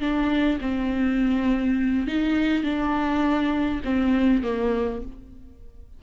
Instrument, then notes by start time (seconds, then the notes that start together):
viola
0.00 D4
0.61 C4
2.07 D#4
2.63 D4
3.84 C4
4.43 A#3